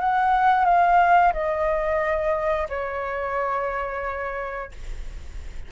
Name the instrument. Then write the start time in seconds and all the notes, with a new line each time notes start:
flute
0.00 F#5
0.65 F5
1.33 D#5
2.69 C#5